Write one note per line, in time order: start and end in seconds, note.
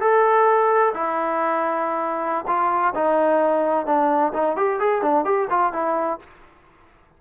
0.00 0.93 A4
0.94 2.45 E4
2.47 2.93 F4
2.94 3.86 D#4
3.86 4.32 D4
4.33 4.56 D#4
4.56 4.79 G4
4.79 5.02 G#4
5.02 5.24 D4
5.24 5.48 G4
5.49 5.72 F4
5.72 6.19 E4